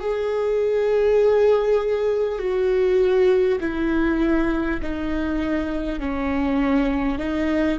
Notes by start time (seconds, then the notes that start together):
0.00 G#4
2.38 F#4
3.60 E4
4.82 D#4
5.99 C#4
7.18 D#4